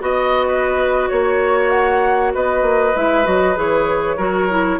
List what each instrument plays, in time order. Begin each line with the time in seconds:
0.00 bassoon B3, clarinet F#4, flute D#5, oboe D#5
0.47 oboe B4
1.08 bassoon A#3, flute C#5, oboe C#5
1.69 flute F#5
2.34 bassoon B3, oboe B4, flute D#5
2.62 bassoon A#3
2.95 bassoon G#3, clarinet E4, flute E5
3.24 bassoon F#3, clarinet F#4, flute D#5
3.55 bassoon E3, clarinet G#4, flute C#5
4.16 bassoon F#3, clarinet F#4, oboe A#4
4.49 clarinet E4